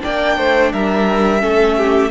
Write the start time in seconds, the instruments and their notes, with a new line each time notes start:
0.00 cello A#3, viola D4, violin D5 G5
0.37 cello A3, violin C5
0.73 cello G3, violin A#4 E5
1.40 cello A3, viola C#4, violin A4
1.77 violin G4